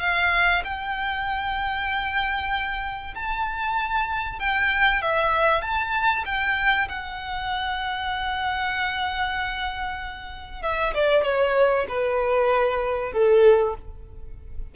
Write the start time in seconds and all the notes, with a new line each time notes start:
0.00 F5
0.64 G5
3.15 A5
4.39 G5
5.02 E5
5.62 A5
6.25 G5
6.88 F#5
10.62 E5
10.94 D5
11.24 C#5
11.88 B4
13.12 A4